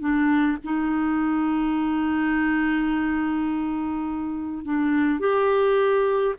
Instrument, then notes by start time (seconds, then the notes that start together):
clarinet
0.00 D4
0.64 D#4
4.64 D4
5.19 G4